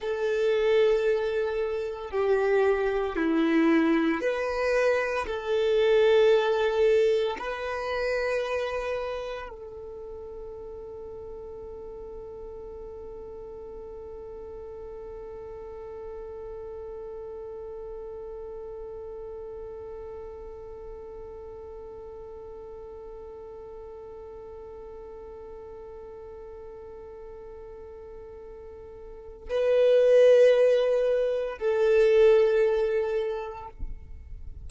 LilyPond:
\new Staff \with { instrumentName = "violin" } { \time 4/4 \tempo 4 = 57 a'2 g'4 e'4 | b'4 a'2 b'4~ | b'4 a'2.~ | a'1~ |
a'1~ | a'1~ | a'1 | b'2 a'2 | }